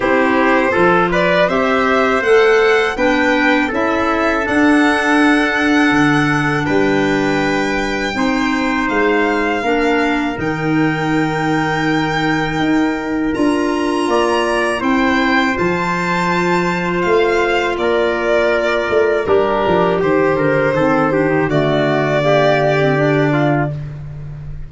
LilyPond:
<<
  \new Staff \with { instrumentName = "violin" } { \time 4/4 \tempo 4 = 81 c''4. d''8 e''4 fis''4 | g''4 e''4 fis''2~ | fis''4 g''2. | f''2 g''2~ |
g''2 ais''2 | g''4 a''2 f''4 | d''2 ais'4 c''4~ | c''4 d''2. | }
  \new Staff \with { instrumentName = "trumpet" } { \time 4/4 g'4 a'8 b'8 c''2 | b'4 a'2.~ | a'4 b'2 c''4~ | c''4 ais'2.~ |
ais'2. d''4 | c''1 | ais'2 d'4 g'8 ais'8 | a'8 g'8 fis'4 g'4. f'8 | }
  \new Staff \with { instrumentName = "clarinet" } { \time 4/4 e'4 f'4 g'4 a'4 | d'4 e'4 d'2~ | d'2. dis'4~ | dis'4 d'4 dis'2~ |
dis'2 f'2 | e'4 f'2.~ | f'2 g'2 | c'8 d'16 dis'16 a4 ais8. c'16 d'4 | }
  \new Staff \with { instrumentName = "tuba" } { \time 4/4 c'4 f4 c'4 a4 | b4 cis'4 d'2 | d4 g2 c'4 | gis4 ais4 dis2~ |
dis4 dis'4 d'4 ais4 | c'4 f2 a4 | ais4. a8 g8 f8 dis8 d8 | dis4 d2. | }
>>